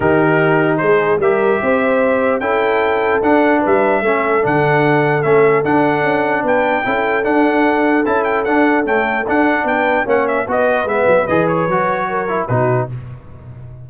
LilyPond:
<<
  \new Staff \with { instrumentName = "trumpet" } { \time 4/4 \tempo 4 = 149 ais'2 c''4 e''4~ | e''2 g''2 | fis''4 e''2 fis''4~ | fis''4 e''4 fis''2 |
g''2 fis''2 | a''8 g''8 fis''4 g''4 fis''4 | g''4 fis''8 e''8 dis''4 e''4 | dis''8 cis''2~ cis''8 b'4 | }
  \new Staff \with { instrumentName = "horn" } { \time 4/4 g'2 gis'4 ais'4 | c''2 a'2~ | a'4 b'4 a'2~ | a'1 |
b'4 a'2.~ | a'1 | b'4 cis''4 b'2~ | b'2 ais'4 fis'4 | }
  \new Staff \with { instrumentName = "trombone" } { \time 4/4 dis'2. g'4~ | g'2 e'2 | d'2 cis'4 d'4~ | d'4 cis'4 d'2~ |
d'4 e'4 d'2 | e'4 d'4 a4 d'4~ | d'4 cis'4 fis'4 b4 | gis'4 fis'4. e'8 dis'4 | }
  \new Staff \with { instrumentName = "tuba" } { \time 4/4 dis2 gis4 g4 | c'2 cis'2 | d'4 g4 a4 d4~ | d4 a4 d'4 cis'4 |
b4 cis'4 d'2 | cis'4 d'4 cis'4 d'4 | b4 ais4 b4 gis8 fis8 | e4 fis2 b,4 | }
>>